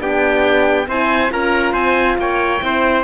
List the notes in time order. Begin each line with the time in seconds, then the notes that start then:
0.00 B3 D4 G4 G5
0.88 C4 E4 C5 G#5
1.30 C#4 F4 A#4 A#5
1.73 C4 C5 G#5
2.18 A#3 C#5 G5
2.61 C4 E4 C5